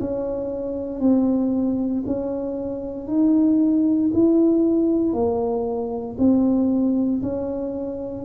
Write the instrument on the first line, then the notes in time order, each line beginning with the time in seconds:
tuba
0.00 C#4
1.00 C4
2.06 C#4
3.08 D#4
4.14 E4
5.13 A#3
6.19 C4
7.23 C#4